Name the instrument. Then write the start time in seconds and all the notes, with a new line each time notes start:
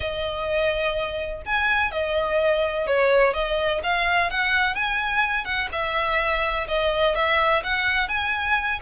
violin
0.00 D#5
1.45 G#5
1.91 D#5
2.86 C#5
3.33 D#5
3.83 F5
4.30 F#5
4.74 G#5
5.44 F#5
5.71 E5
6.68 D#5
7.15 E5
7.63 F#5
8.08 G#5